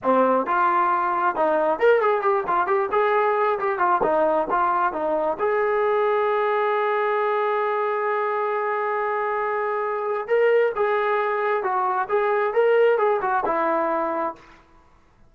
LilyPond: \new Staff \with { instrumentName = "trombone" } { \time 4/4 \tempo 4 = 134 c'4 f'2 dis'4 | ais'8 gis'8 g'8 f'8 g'8 gis'4. | g'8 f'8 dis'4 f'4 dis'4 | gis'1~ |
gis'1~ | gis'2. ais'4 | gis'2 fis'4 gis'4 | ais'4 gis'8 fis'8 e'2 | }